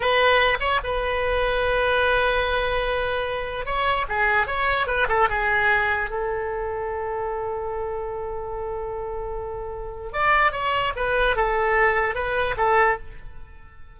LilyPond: \new Staff \with { instrumentName = "oboe" } { \time 4/4 \tempo 4 = 148 b'4. cis''8 b'2~ | b'1~ | b'4 cis''4 gis'4 cis''4 | b'8 a'8 gis'2 a'4~ |
a'1~ | a'1~ | a'4 d''4 cis''4 b'4 | a'2 b'4 a'4 | }